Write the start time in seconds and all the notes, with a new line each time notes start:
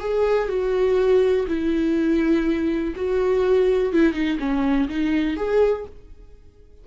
0.00 G#4
0.49 F#4
1.48 E4
2.96 F#4
3.93 E4
4.14 D#4
4.40 C#4
4.89 D#4
5.37 G#4